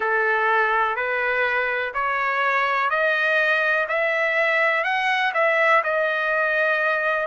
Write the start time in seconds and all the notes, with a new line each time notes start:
0.00 A4
0.96 B4
1.94 C#5
2.90 D#5
3.88 E5
4.83 F#5
5.34 E5
5.83 D#5